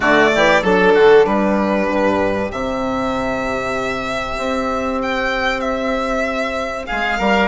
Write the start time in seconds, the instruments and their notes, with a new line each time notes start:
0.00 bassoon D3, saxophone A3, oboe F#4, violin D5
0.35 bassoon E3, oboe G4
0.61 bassoon F#3, saxophone D4, oboe A4, violin A4
0.94 bassoon D3, oboe F#4
1.25 bassoon G3, oboe G4, violin B4
1.88 bassoon G2
2.49 bassoon C3, saxophone C4, violin E5
4.37 bassoon C4
5.01 violin G5
5.60 violin E5
6.86 bassoon G#3, oboe G#4, violin F5
7.18 bassoon G3, oboe A#4